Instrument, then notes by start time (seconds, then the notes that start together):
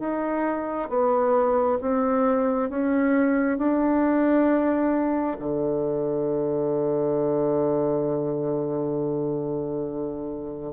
bassoon
0.00 D#4
0.89 B3
1.82 C4
2.70 C#4
3.58 D4
5.40 D3